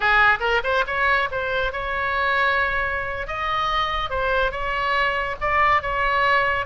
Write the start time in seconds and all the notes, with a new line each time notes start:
0.00 G#4
0.40 A#4
0.63 C5
0.86 C#5
1.31 C5
1.72 C#5
3.27 D#5
4.10 C5
4.51 C#5
5.40 D5
5.82 C#5